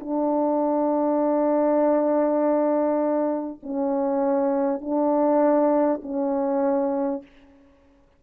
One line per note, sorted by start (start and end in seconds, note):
0.00 3.60 D4
3.62 4.81 C#4
4.81 6.01 D4
6.02 7.22 C#4